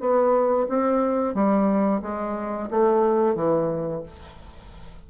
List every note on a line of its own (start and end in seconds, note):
0.00 0.67 B3
0.69 1.35 C4
1.35 2.02 G3
2.02 2.70 G#3
2.71 3.36 A3
3.36 4.03 E3